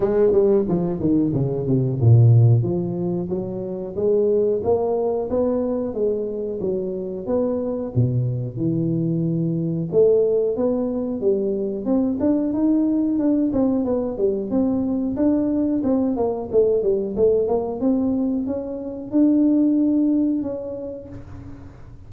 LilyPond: \new Staff \with { instrumentName = "tuba" } { \time 4/4 \tempo 4 = 91 gis8 g8 f8 dis8 cis8 c8 ais,4 | f4 fis4 gis4 ais4 | b4 gis4 fis4 b4 | b,4 e2 a4 |
b4 g4 c'8 d'8 dis'4 | d'8 c'8 b8 g8 c'4 d'4 | c'8 ais8 a8 g8 a8 ais8 c'4 | cis'4 d'2 cis'4 | }